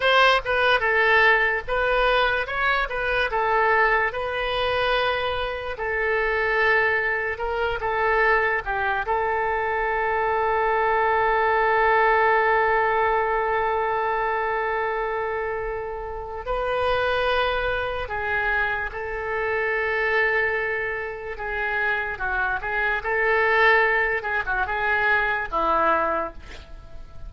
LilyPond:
\new Staff \with { instrumentName = "oboe" } { \time 4/4 \tempo 4 = 73 c''8 b'8 a'4 b'4 cis''8 b'8 | a'4 b'2 a'4~ | a'4 ais'8 a'4 g'8 a'4~ | a'1~ |
a'1 | b'2 gis'4 a'4~ | a'2 gis'4 fis'8 gis'8 | a'4. gis'16 fis'16 gis'4 e'4 | }